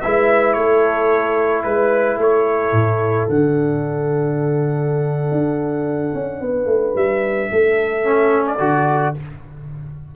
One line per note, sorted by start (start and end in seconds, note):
0.00 0.55 G#3
0.00 3.30 E4
0.00 0.56 B4
0.00 0.53 E5
0.53 1.64 A3
0.53 1.63 A4
0.53 1.62 C#5
1.63 2.17 G#3
1.63 2.17 B4
1.63 2.18 B4
2.17 2.71 A3
2.17 6.41 A4
2.17 3.28 C#5
2.71 3.26 A2
3.28 5.31 D3
3.28 8.04 D4
3.28 6.96 F#5
5.31 6.13 D4
6.14 6.40 C#4
6.40 6.66 B3
6.40 7.50 B4
6.66 6.93 A3
6.95 7.49 G3
6.95 8.46 E5
7.51 8.59 A3
7.51 9.15 A4
8.04 8.58 C#4
8.46 9.15 D5
8.59 9.14 D3
8.59 9.13 F#4